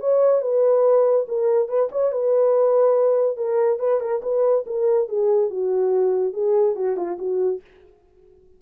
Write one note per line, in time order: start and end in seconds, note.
0.00 0.41 C#5
0.41 1.26 B4
1.28 1.68 A#4
1.68 1.89 B4
1.91 2.12 C#5
2.12 3.37 B4
3.37 3.79 A#4
3.79 4.00 B4
4.00 4.21 A#4
4.22 4.65 B4
4.66 5.08 A#4
5.08 5.50 G#4
5.50 6.33 F#4
6.33 6.75 G#4
6.75 6.96 F#4
6.96 7.18 F4
7.18 7.61 F#4